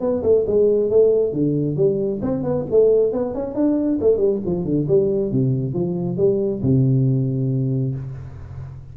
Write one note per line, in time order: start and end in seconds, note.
0.00 0.22 B3
0.23 0.45 A3
0.46 0.90 G#3
0.90 1.32 A3
1.32 1.76 D3
1.76 2.20 G3
2.22 2.43 C4
2.43 2.65 B3
2.71 3.12 A3
3.12 3.34 B3
3.34 3.55 C#4
3.55 3.99 D4
4.00 4.17 A3
4.17 4.39 G3
4.45 4.65 F3
4.65 4.87 D3
4.88 5.31 G3
5.31 5.73 C3
5.73 6.17 F3
6.17 6.61 G3
6.62 7.95 C3